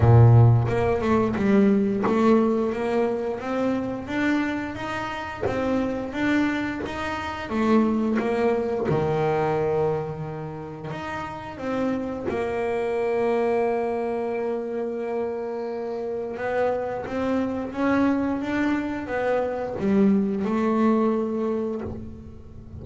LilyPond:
\new Staff \with { instrumentName = "double bass" } { \time 4/4 \tempo 4 = 88 ais,4 ais8 a8 g4 a4 | ais4 c'4 d'4 dis'4 | c'4 d'4 dis'4 a4 | ais4 dis2. |
dis'4 c'4 ais2~ | ais1 | b4 c'4 cis'4 d'4 | b4 g4 a2 | }